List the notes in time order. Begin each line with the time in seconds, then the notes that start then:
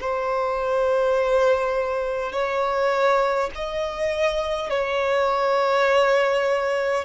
0.00 C5
2.32 C#5
3.55 D#5
4.70 C#5